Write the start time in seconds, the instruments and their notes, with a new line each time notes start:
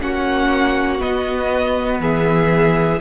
0.00 cello A#3, viola C#4, violin F#4 F#5
0.98 viola B3, cello B3, violin D#5
1.99 cello E3, violin G#4 E5